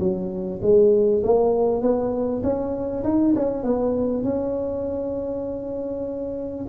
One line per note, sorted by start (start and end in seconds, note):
0.00 0.61 F#3
0.63 1.23 G#3
1.24 1.82 A#3
1.82 2.43 B3
2.43 3.04 C#4
3.04 3.34 D#4
3.36 3.64 C#4
3.64 4.24 B3
4.24 6.66 C#4